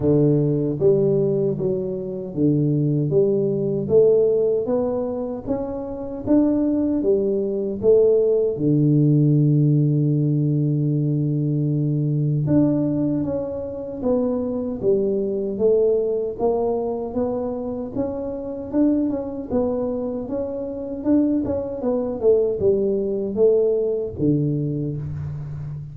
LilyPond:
\new Staff \with { instrumentName = "tuba" } { \time 4/4 \tempo 4 = 77 d4 g4 fis4 d4 | g4 a4 b4 cis'4 | d'4 g4 a4 d4~ | d1 |
d'4 cis'4 b4 g4 | a4 ais4 b4 cis'4 | d'8 cis'8 b4 cis'4 d'8 cis'8 | b8 a8 g4 a4 d4 | }